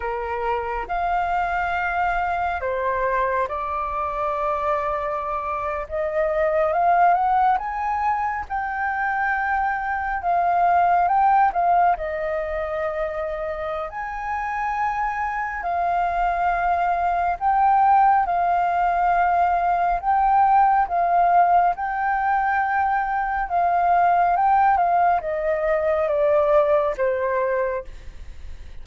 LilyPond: \new Staff \with { instrumentName = "flute" } { \time 4/4 \tempo 4 = 69 ais'4 f''2 c''4 | d''2~ d''8. dis''4 f''16~ | f''16 fis''8 gis''4 g''2 f''16~ | f''8. g''8 f''8 dis''2~ dis''16 |
gis''2 f''2 | g''4 f''2 g''4 | f''4 g''2 f''4 | g''8 f''8 dis''4 d''4 c''4 | }